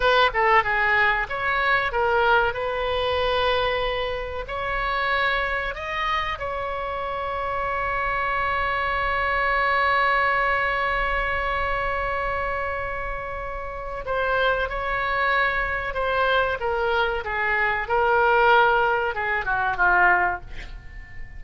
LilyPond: \new Staff \with { instrumentName = "oboe" } { \time 4/4 \tempo 4 = 94 b'8 a'8 gis'4 cis''4 ais'4 | b'2. cis''4~ | cis''4 dis''4 cis''2~ | cis''1~ |
cis''1~ | cis''2 c''4 cis''4~ | cis''4 c''4 ais'4 gis'4 | ais'2 gis'8 fis'8 f'4 | }